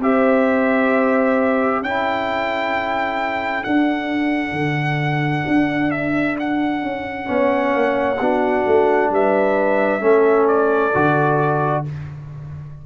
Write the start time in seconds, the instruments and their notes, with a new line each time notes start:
0.00 tuba C4, trombone G4, horn C5, trumpet E5
1.82 tuba C#4, trombone E4, horn A4, trumpet G5
3.64 trombone D4, tuba D4, trumpet F#5
4.52 tuba D3
5.48 tuba D4
5.91 trumpet E5
6.40 trumpet F#5
6.83 tuba C#4
7.25 tuba B3, trombone C#4
7.31 horn C#5
7.75 tuba A#3
8.20 tuba B3, trombone D4, horn F#4
8.67 tuba A3
9.11 tuba G3, horn B4, trumpet E5
10.01 tuba A3, trombone C#4, horn A4
10.48 trumpet D5
10.95 tuba D3, trombone F#4